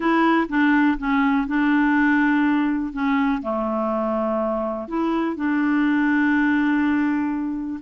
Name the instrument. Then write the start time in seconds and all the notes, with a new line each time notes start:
clarinet
0.00 E4
0.48 D4
0.98 C#4
1.47 D4
2.92 C#4
3.42 A3
4.88 E4
5.36 D4